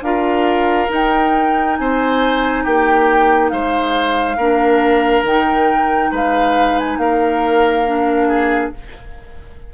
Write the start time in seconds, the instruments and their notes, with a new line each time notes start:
0.00 bassoon D4, clarinet F4, oboe A#4, flute F5
0.88 clarinet D#4, bassoon D#4, flute G5
1.77 bassoon C4, oboe C5, flute G#5
2.63 bassoon A#3, oboe G4, flute G5
3.49 bassoon G#3, oboe C5, flute F5
4.36 bassoon A#3, clarinet D4, oboe A#4
5.22 bassoon D#3, clarinet D#4, flute G5
6.11 bassoon G#3, oboe B4, flute F5
6.78 flute G#5
6.97 bassoon A#3, oboe A#4, flute F5
7.86 clarinet D4
8.28 oboe G#4